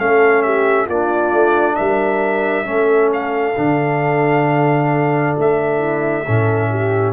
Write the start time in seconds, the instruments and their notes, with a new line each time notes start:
0.00 tuba A3, trombone C#4, horn A4, trumpet F5
0.43 horn G4, trumpet E5
0.86 tuba A#3, trombone D4, horn F4, trumpet D5
1.32 tuba A3
1.76 tuba G3, horn A#4, trumpet E5
2.65 tuba A3, trombone C#4, horn A4
3.14 trumpet F5
3.57 tuba D3, trombone D4
5.39 tuba A3, trumpet E5
5.79 horn E4
6.25 tuba A2, trombone C#4, horn A4
6.71 horn G4